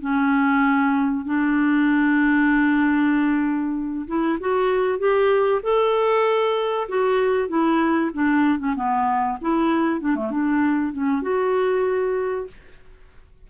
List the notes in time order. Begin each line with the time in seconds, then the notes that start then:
0.00 C#4
1.25 D4
4.07 E4
4.40 F#4
4.98 G4
5.62 A4
6.88 F#4
7.48 E4
8.13 D4
8.59 C#4
8.75 B3
9.41 E4
10.00 D4
10.15 A3
10.30 D4
10.92 C#4
11.22 F#4